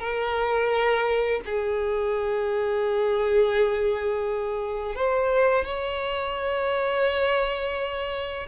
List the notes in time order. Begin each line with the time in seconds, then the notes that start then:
0.00 A#4
1.45 G#4
4.95 C5
5.65 C#5